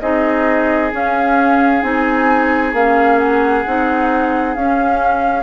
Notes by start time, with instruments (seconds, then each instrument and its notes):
0.00 bassoon C4, clarinet D#4, oboe G#4, flute D#5
0.92 clarinet C#4, bassoon C#4, flute F5
1.82 bassoon C4, clarinet D#4, flute G#5
2.73 bassoon A#3, clarinet C#4, flute F5
3.19 flute F#5
3.66 bassoon C4, clarinet D#4
4.55 bassoon C#4, clarinet C#4, flute F5